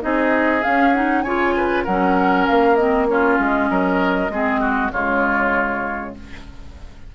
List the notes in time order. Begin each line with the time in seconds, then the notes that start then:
0.00 C4 D#4 G#4 D#5
0.62 C#4 F5
0.93 D#4 F#5
1.22 C#3 F4 C#5 G#5
1.56 B4
1.84 F#3 C#4 A#4 F#5
2.46 A#3 F5
2.76 C4 D#5
3.08 C#4 F4 C#5
3.39 G#3 D#5
3.70 F#3 A#4
4.29 G#3 C4 G#4
4.60 F#4
4.91 C#3 G#3 F4 C#5